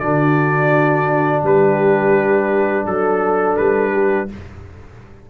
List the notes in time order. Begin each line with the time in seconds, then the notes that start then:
0.00 D3 D4 F#4 D5
1.43 G3 G4 B4
2.85 F#3 A4
3.57 G3 B4
3.93 G4